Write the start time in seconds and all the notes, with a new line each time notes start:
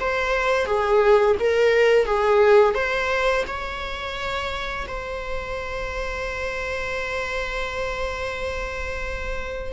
0.00 C5
0.66 G#4
1.40 A#4
2.05 G#4
2.74 C5
3.47 C#5
4.87 C5